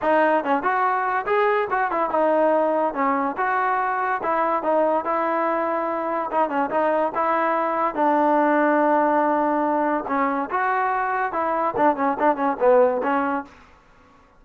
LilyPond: \new Staff \with { instrumentName = "trombone" } { \time 4/4 \tempo 4 = 143 dis'4 cis'8 fis'4. gis'4 | fis'8 e'8 dis'2 cis'4 | fis'2 e'4 dis'4 | e'2. dis'8 cis'8 |
dis'4 e'2 d'4~ | d'1 | cis'4 fis'2 e'4 | d'8 cis'8 d'8 cis'8 b4 cis'4 | }